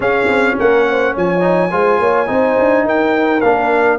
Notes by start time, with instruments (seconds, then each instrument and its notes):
0.00 tuba C#4, trombone C#4, horn G#4, trumpet F5
0.27 tuba C4
0.59 tuba A#3, horn A#4, trumpet F#5
0.90 horn C5
1.13 tuba F3, horn C#5, trumpet G#5
1.40 trombone D#4
1.71 tuba G#3, trombone F4, horn C5
1.99 tuba A#3, horn C#5
2.26 tuba C4, trombone D#4, horn C5
2.59 tuba D4
2.84 tuba D#4, horn A#4, trumpet G5
3.40 tuba A#3, trombone D4, trumpet F5